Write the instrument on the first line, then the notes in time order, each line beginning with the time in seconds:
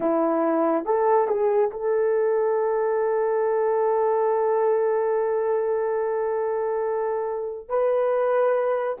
horn
0.00 E4
0.85 A4
1.27 G#4
1.70 A4
7.69 B4